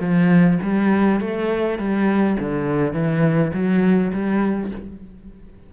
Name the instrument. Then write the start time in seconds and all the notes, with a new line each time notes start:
cello
0.00 F3
0.62 G3
1.20 A3
1.78 G3
2.39 D3
2.93 E3
3.53 F#3
4.13 G3